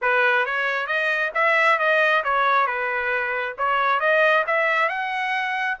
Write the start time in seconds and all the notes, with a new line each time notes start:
0.01 B4
0.45 C#5
0.86 D#5
1.34 E5
1.78 D#5
2.24 C#5
2.66 B4
3.58 C#5
4.00 D#5
4.46 E5
4.88 F#5